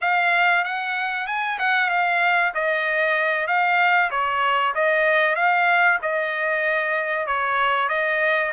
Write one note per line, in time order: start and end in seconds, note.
0.01 0.64 F5
0.64 1.26 F#5
1.26 1.58 G#5
1.58 1.89 F#5
1.89 2.53 F5
2.54 3.47 D#5
3.47 4.10 F5
4.11 4.74 C#5
4.75 5.35 D#5
5.35 5.98 F5
6.02 7.27 D#5
7.27 7.88 C#5
7.88 8.51 D#5